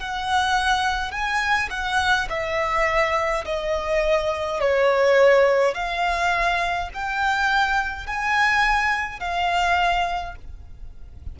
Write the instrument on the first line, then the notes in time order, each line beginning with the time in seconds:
violin
0.00 F#5
1.12 G#5
1.70 F#5
2.30 E5
3.45 D#5
4.60 C#5
5.74 F5
6.94 G5
8.07 G#5
9.20 F5